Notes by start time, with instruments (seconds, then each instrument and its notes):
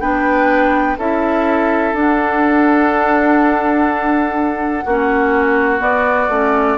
0.00 bassoon B3, clarinet D4, oboe B4, flute G5
0.98 bassoon C#4, clarinet E4, oboe A4, flute E5
1.93 bassoon D4, clarinet D4, flute F#5
4.84 bassoon A#3, clarinet C#4, oboe F#4
5.78 clarinet B3, bassoon B3, flute D5
6.28 bassoon A3, clarinet C#4